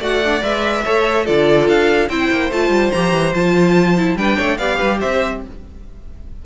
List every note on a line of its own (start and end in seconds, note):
0.00 0.42 A3
0.00 0.22 F#4
0.00 0.84 D5
0.00 0.43 F#5
0.25 0.42 D4
0.42 0.85 G#3
0.42 0.84 B4
0.42 1.27 E5
0.84 1.29 A3
0.84 1.26 A4
0.84 1.25 C#5
1.25 1.68 D3
1.25 2.09 F4
1.25 2.09 A4
1.25 1.68 D5
1.68 2.09 D4
1.68 2.09 F5
2.09 2.30 C4
2.09 2.52 E4
2.09 4.18 C5
2.09 2.51 G5
2.31 2.51 A#3
2.51 2.70 A3
2.51 2.94 F4
2.51 2.92 A5
2.70 2.91 G3
2.92 3.13 F3
2.92 3.35 G4
2.92 3.34 A#5
3.13 3.34 E3
3.35 4.16 F3
3.35 3.97 F4
3.35 4.18 A5
3.97 4.18 E4
4.16 4.37 G3
4.16 4.60 D4
4.16 4.37 B4
4.16 4.58 G5
4.37 4.59 A3
4.37 4.58 C#5
4.58 4.79 B3
4.58 5.43 G4
4.58 4.77 D5
4.58 4.99 F5
4.77 5.03 G3
4.77 4.98 B4
5.00 5.46 C4
5.00 5.42 C5
5.00 5.43 E5